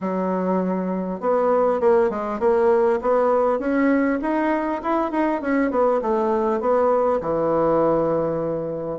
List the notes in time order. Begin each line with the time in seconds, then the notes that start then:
0.00 F#3
1.20 B3
1.80 A#3
2.10 G#3
2.39 A#3
3.01 B3
3.59 C#4
4.21 D#4
4.82 E4
5.11 D#4
5.41 C#4
5.71 B3
6.01 A3
6.60 B3
7.21 E3